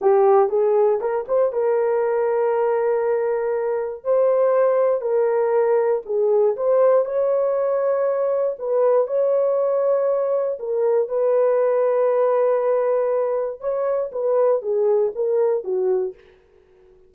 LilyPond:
\new Staff \with { instrumentName = "horn" } { \time 4/4 \tempo 4 = 119 g'4 gis'4 ais'8 c''8 ais'4~ | ais'1 | c''2 ais'2 | gis'4 c''4 cis''2~ |
cis''4 b'4 cis''2~ | cis''4 ais'4 b'2~ | b'2. cis''4 | b'4 gis'4 ais'4 fis'4 | }